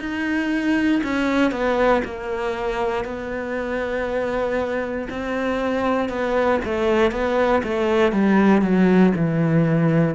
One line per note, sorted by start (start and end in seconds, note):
0.00 1.02 D#4
1.04 1.52 C#4
1.52 2.02 B3
2.05 3.05 A#3
3.05 5.08 B3
5.10 6.09 C4
6.09 6.60 B3
6.65 7.11 A3
7.11 7.62 B3
7.64 8.12 A3
8.12 8.62 G3
8.62 9.12 F#3
9.16 10.15 E3